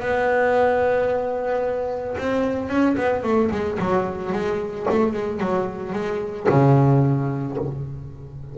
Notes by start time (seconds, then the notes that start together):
0.00 B3
2.18 C4
2.69 C#4
2.97 B3
3.23 A3
3.51 G#3
3.79 F#3
4.32 G#3
4.90 A3
5.13 G#3
5.40 F#3
5.93 G#3
6.49 C#3